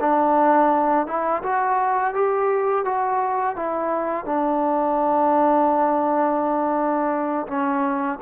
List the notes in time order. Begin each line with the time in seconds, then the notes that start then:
0.00 D4
1.06 E4
1.43 F#4
2.14 G4
2.84 F#4
3.56 E4
4.25 D4
7.47 C#4